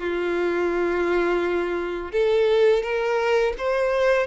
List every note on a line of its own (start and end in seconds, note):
0.00 2.12 F4
2.12 2.83 A4
2.83 3.54 A#4
3.58 4.27 C5